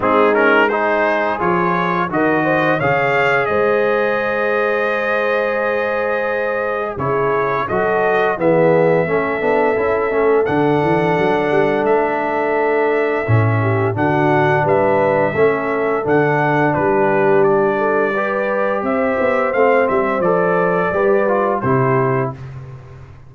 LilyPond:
<<
  \new Staff \with { instrumentName = "trumpet" } { \time 4/4 \tempo 4 = 86 gis'8 ais'8 c''4 cis''4 dis''4 | f''4 dis''2.~ | dis''2 cis''4 dis''4 | e''2. fis''4~ |
fis''4 e''2. | fis''4 e''2 fis''4 | b'4 d''2 e''4 | f''8 e''8 d''2 c''4 | }
  \new Staff \with { instrumentName = "horn" } { \time 4/4 dis'4 gis'2 ais'8 c''8 | cis''4 c''2.~ | c''2 gis'4 a'4 | gis'4 a'2.~ |
a'2.~ a'8 g'8 | fis'4 b'4 a'2 | g'4. a'8 b'4 c''4~ | c''2 b'4 g'4 | }
  \new Staff \with { instrumentName = "trombone" } { \time 4/4 c'8 cis'8 dis'4 f'4 fis'4 | gis'1~ | gis'2 e'4 fis'4 | b4 cis'8 d'8 e'8 cis'8 d'4~ |
d'2. cis'4 | d'2 cis'4 d'4~ | d'2 g'2 | c'4 a'4 g'8 f'8 e'4 | }
  \new Staff \with { instrumentName = "tuba" } { \time 4/4 gis2 f4 dis4 | cis4 gis2.~ | gis2 cis4 fis4 | e4 a8 b8 cis'8 a8 d8 e8 |
fis8 g8 a2 a,4 | d4 g4 a4 d4 | g2. c'8 b8 | a8 g8 f4 g4 c4 | }
>>